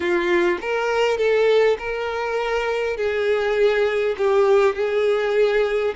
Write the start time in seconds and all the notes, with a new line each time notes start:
0.00 F4
0.61 A#4
1.17 A4
1.78 A#4
2.96 G#4
4.17 G4
4.75 G#4